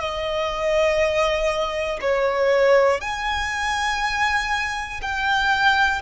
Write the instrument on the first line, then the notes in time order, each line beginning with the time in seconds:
violin
0.00 D#5
2.01 C#5
3.00 G#5
5.01 G5